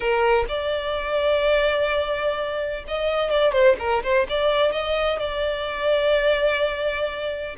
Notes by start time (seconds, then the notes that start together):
0.00 A#4
0.48 D5
2.87 D#5
3.30 D5
3.52 C5
3.79 A#4
4.03 C5
4.29 D5
4.71 D#5
5.19 D5